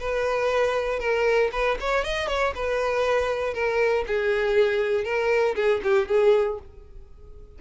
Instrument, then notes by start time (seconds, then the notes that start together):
violin
0.00 B4
1.00 A#4
1.53 B4
1.81 C#5
2.05 D#5
2.29 C#5
2.55 B4
3.55 A#4
4.07 G#4
5.05 A#4
5.56 G#4
5.84 G4
6.09 G#4